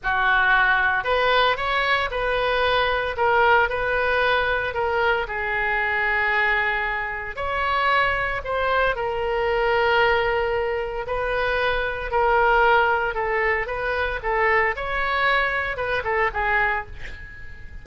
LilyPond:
\new Staff \with { instrumentName = "oboe" } { \time 4/4 \tempo 4 = 114 fis'2 b'4 cis''4 | b'2 ais'4 b'4~ | b'4 ais'4 gis'2~ | gis'2 cis''2 |
c''4 ais'2.~ | ais'4 b'2 ais'4~ | ais'4 a'4 b'4 a'4 | cis''2 b'8 a'8 gis'4 | }